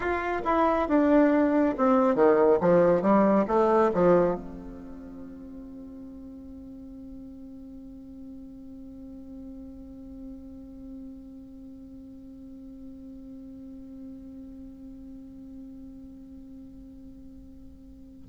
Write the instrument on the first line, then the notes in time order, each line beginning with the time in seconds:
bassoon
0.00 F4
0.44 E4
0.88 D4
1.77 C4
2.15 D#3
2.60 F3
3.02 G3
3.47 A3
3.94 F3
4.35 C4